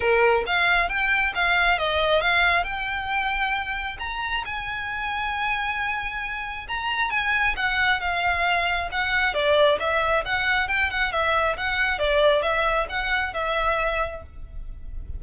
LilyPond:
\new Staff \with { instrumentName = "violin" } { \time 4/4 \tempo 4 = 135 ais'4 f''4 g''4 f''4 | dis''4 f''4 g''2~ | g''4 ais''4 gis''2~ | gis''2. ais''4 |
gis''4 fis''4 f''2 | fis''4 d''4 e''4 fis''4 | g''8 fis''8 e''4 fis''4 d''4 | e''4 fis''4 e''2 | }